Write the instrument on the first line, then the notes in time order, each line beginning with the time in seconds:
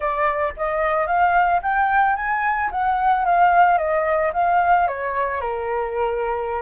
flute
0.00 D5
0.57 D#5
1.06 F5
1.62 G5
2.16 G#5
2.71 F#5
3.25 F5
3.78 D#5
4.33 F5
4.87 C#5
5.40 A#4